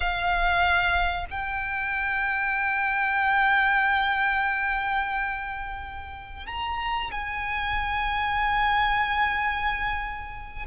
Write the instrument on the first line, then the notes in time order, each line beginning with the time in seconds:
violin
0.00 F5
1.30 G5
6.46 A#5
7.11 G#5